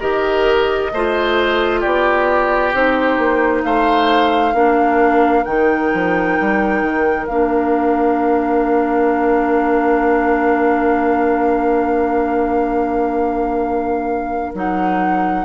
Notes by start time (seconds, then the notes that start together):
0.00 D#3 G4 A#4 D#5
0.92 A3 F4 C5
1.80 B3 G4 D5
2.73 C4 D#4 C5
3.18 A#3
3.63 A3 C5 F5
4.54 A#3 D4 A#4
5.44 D#3 D#4 G5
5.94 F3
6.40 G3
6.82 D#3
7.27 A#3 D4 F5
14.54 F#3 D#4 F#5